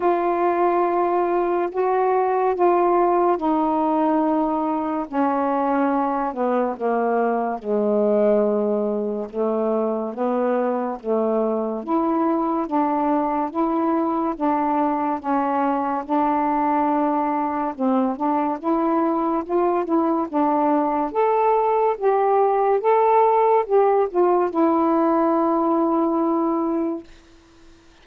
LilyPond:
\new Staff \with { instrumentName = "saxophone" } { \time 4/4 \tempo 4 = 71 f'2 fis'4 f'4 | dis'2 cis'4. b8 | ais4 gis2 a4 | b4 a4 e'4 d'4 |
e'4 d'4 cis'4 d'4~ | d'4 c'8 d'8 e'4 f'8 e'8 | d'4 a'4 g'4 a'4 | g'8 f'8 e'2. | }